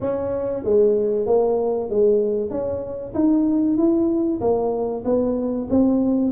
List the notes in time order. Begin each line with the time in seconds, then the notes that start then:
0.01 C#4
0.63 G#3
1.26 A#3
1.89 G#3
2.50 C#4
3.14 D#4
3.77 E4
4.40 A#3
5.04 B3
5.70 C4